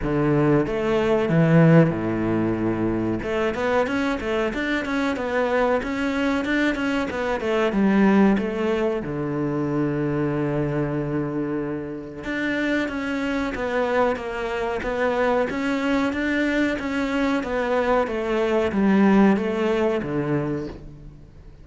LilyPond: \new Staff \with { instrumentName = "cello" } { \time 4/4 \tempo 4 = 93 d4 a4 e4 a,4~ | a,4 a8 b8 cis'8 a8 d'8 cis'8 | b4 cis'4 d'8 cis'8 b8 a8 | g4 a4 d2~ |
d2. d'4 | cis'4 b4 ais4 b4 | cis'4 d'4 cis'4 b4 | a4 g4 a4 d4 | }